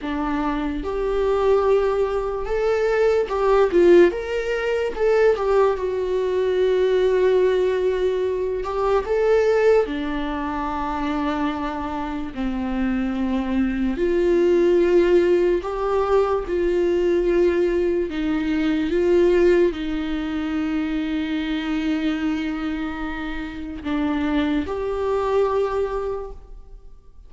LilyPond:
\new Staff \with { instrumentName = "viola" } { \time 4/4 \tempo 4 = 73 d'4 g'2 a'4 | g'8 f'8 ais'4 a'8 g'8 fis'4~ | fis'2~ fis'8 g'8 a'4 | d'2. c'4~ |
c'4 f'2 g'4 | f'2 dis'4 f'4 | dis'1~ | dis'4 d'4 g'2 | }